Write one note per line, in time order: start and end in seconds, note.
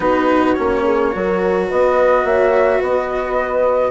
0.00 0.54 B3
0.00 0.56 D#4
0.00 0.83 F#4
0.00 0.53 B4
0.53 1.14 A#3
0.53 1.12 C#4
0.53 1.65 C#5
0.83 1.11 G#4
1.12 1.70 F#3
1.12 3.90 F#4
1.12 1.68 A#4
1.68 2.24 B3
1.68 2.24 B4
1.68 2.25 D#5
2.24 2.80 A#3
2.24 2.79 C#5
2.24 2.82 E5
2.79 3.90 B3
2.79 3.90 B4
2.79 3.90 D#5